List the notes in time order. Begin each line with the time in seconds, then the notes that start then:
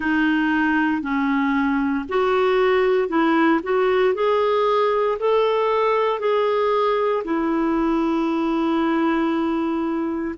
0.00 D#4
1.02 C#4
2.08 F#4
3.08 E4
3.63 F#4
4.14 G#4
5.19 A4
6.19 G#4
7.24 E4